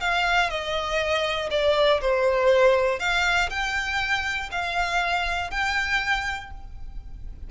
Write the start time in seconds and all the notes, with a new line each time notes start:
0.00 F5
0.50 D#5
1.50 D5
2.01 C5
2.99 F5
3.49 G5
4.51 F5
5.50 G5